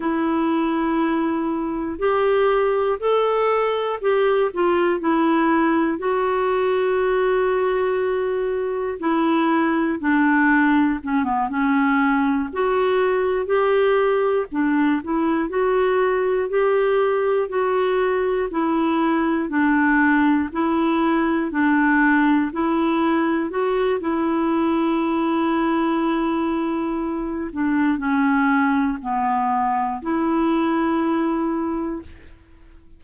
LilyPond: \new Staff \with { instrumentName = "clarinet" } { \time 4/4 \tempo 4 = 60 e'2 g'4 a'4 | g'8 f'8 e'4 fis'2~ | fis'4 e'4 d'4 cis'16 b16 cis'8~ | cis'8 fis'4 g'4 d'8 e'8 fis'8~ |
fis'8 g'4 fis'4 e'4 d'8~ | d'8 e'4 d'4 e'4 fis'8 | e'2.~ e'8 d'8 | cis'4 b4 e'2 | }